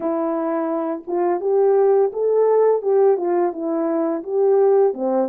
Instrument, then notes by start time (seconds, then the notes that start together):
horn
0.00 E4
1.07 F4
1.40 G4
2.12 A4
2.81 G4
3.17 F4
3.52 E4
4.23 G4
4.93 C4